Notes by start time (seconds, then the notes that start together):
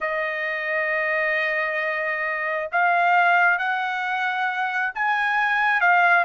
0.00 D#5
2.72 F5
3.58 F#5
4.95 G#5
5.80 F5